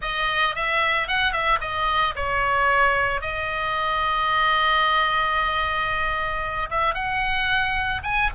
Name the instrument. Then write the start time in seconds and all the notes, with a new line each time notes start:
oboe
0.01 D#5
0.55 E5
1.07 F#5
1.32 E5
1.60 D#5
2.15 C#5
3.21 D#5
6.70 E5
6.94 F#5
8.03 G#5